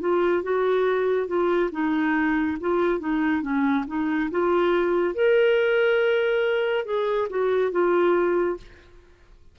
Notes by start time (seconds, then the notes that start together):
0.00 F4
0.43 F#4
1.27 F4
1.71 D#4
2.60 F4
3.00 D#4
3.42 C#4
3.87 D#4
4.31 F4
5.14 A#4
6.85 G#4
7.29 F#4
7.71 F4